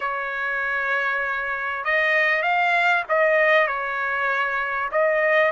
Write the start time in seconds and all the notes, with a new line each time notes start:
0.00 C#5
1.84 D#5
2.42 F5
3.09 D#5
3.67 C#5
4.91 D#5